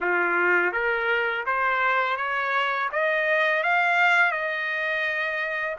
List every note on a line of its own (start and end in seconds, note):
0.00 0.72 F4
0.72 1.44 A#4
1.46 2.17 C5
2.17 2.89 C#5
2.91 3.63 D#5
3.63 4.31 F5
4.31 5.76 D#5